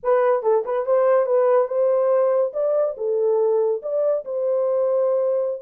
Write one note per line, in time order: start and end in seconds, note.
0.03 0.42 B4
0.42 0.63 A4
0.65 0.86 B4
0.86 1.26 C5
1.26 1.67 B4
1.67 2.52 C5
2.53 2.95 D5
2.97 3.81 A4
3.82 4.24 D5
4.24 5.62 C5